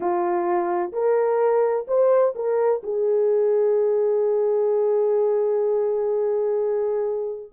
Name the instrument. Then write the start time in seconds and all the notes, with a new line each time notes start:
horn
0.00 F4
0.92 A#4
1.87 C5
2.35 A#4
2.83 G#4